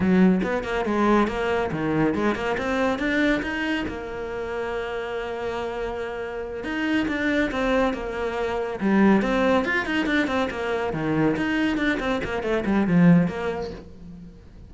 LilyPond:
\new Staff \with { instrumentName = "cello" } { \time 4/4 \tempo 4 = 140 fis4 b8 ais8 gis4 ais4 | dis4 gis8 ais8 c'4 d'4 | dis'4 ais2.~ | ais2.~ ais8 dis'8~ |
dis'8 d'4 c'4 ais4.~ | ais8 g4 c'4 f'8 dis'8 d'8 | c'8 ais4 dis4 dis'4 d'8 | c'8 ais8 a8 g8 f4 ais4 | }